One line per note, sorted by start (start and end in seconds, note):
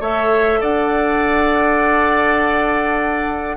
0.00 0.59 A3
0.00 3.57 A4
0.00 0.60 C#5
0.00 0.62 E5
0.61 3.57 D4
0.61 3.57 D5
0.61 3.57 F#5